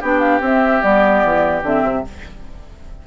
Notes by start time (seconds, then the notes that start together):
0.00 B3 D4 G4 G5
0.20 F5
0.40 C4 E5
0.81 G3 B3 D5
1.23 E3
1.63 D3 C4 E5
1.83 C3